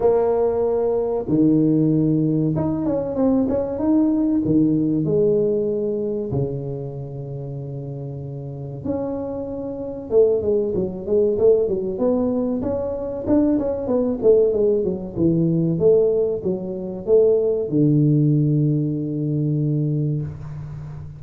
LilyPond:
\new Staff \with { instrumentName = "tuba" } { \time 4/4 \tempo 4 = 95 ais2 dis2 | dis'8 cis'8 c'8 cis'8 dis'4 dis4 | gis2 cis2~ | cis2 cis'2 |
a8 gis8 fis8 gis8 a8 fis8 b4 | cis'4 d'8 cis'8 b8 a8 gis8 fis8 | e4 a4 fis4 a4 | d1 | }